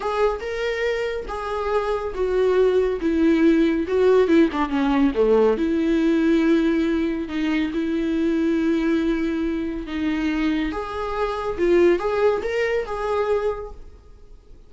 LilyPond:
\new Staff \with { instrumentName = "viola" } { \time 4/4 \tempo 4 = 140 gis'4 ais'2 gis'4~ | gis'4 fis'2 e'4~ | e'4 fis'4 e'8 d'8 cis'4 | a4 e'2.~ |
e'4 dis'4 e'2~ | e'2. dis'4~ | dis'4 gis'2 f'4 | gis'4 ais'4 gis'2 | }